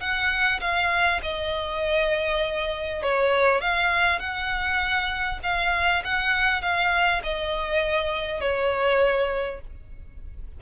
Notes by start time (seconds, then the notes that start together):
0.00 F#5
0.60 F5
1.22 D#5
3.02 C#5
3.61 F5
4.19 F#5
5.43 F5
6.04 F#5
6.61 F5
7.23 D#5
8.40 C#5